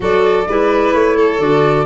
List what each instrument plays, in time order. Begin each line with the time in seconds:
0.00 tuba F#3, clarinet F#4, violin A4, flute D5
0.47 tuba G#3, clarinet E4, violin B4
0.93 tuba A3, flute C#5
1.16 violin A4
1.39 tuba D3, clarinet F#4, flute D5